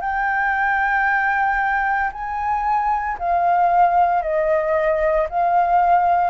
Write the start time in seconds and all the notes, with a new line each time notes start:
0.00 G5
2.12 G#5
3.18 F5
4.22 D#5
5.29 F5